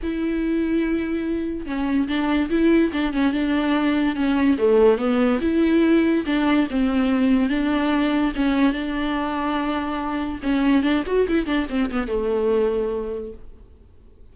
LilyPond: \new Staff \with { instrumentName = "viola" } { \time 4/4 \tempo 4 = 144 e'1 | cis'4 d'4 e'4 d'8 cis'8 | d'2 cis'4 a4 | b4 e'2 d'4 |
c'2 d'2 | cis'4 d'2.~ | d'4 cis'4 d'8 fis'8 e'8 d'8 | c'8 b8 a2. | }